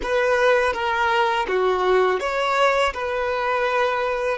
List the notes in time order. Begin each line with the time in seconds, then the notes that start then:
0.02 B4
0.73 A#4
1.47 F#4
2.20 C#5
2.93 B4